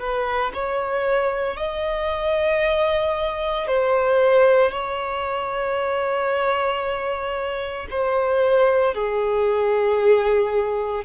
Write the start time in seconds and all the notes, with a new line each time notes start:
0.00 B4
0.54 C#5
1.57 D#5
3.67 C5
4.71 C#5
7.91 C5
8.95 G#4